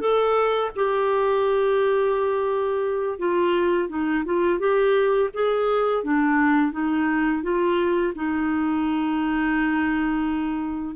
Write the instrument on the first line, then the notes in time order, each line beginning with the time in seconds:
clarinet
0.00 A4
0.75 G4
3.19 F4
3.89 D#4
4.25 F4
4.59 G4
5.33 G#4
6.03 D4
6.72 D#4
7.42 F4
8.15 D#4